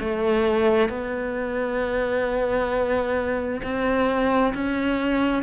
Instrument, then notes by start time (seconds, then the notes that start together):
cello
0.00 A3
0.89 B3
3.63 C4
4.54 C#4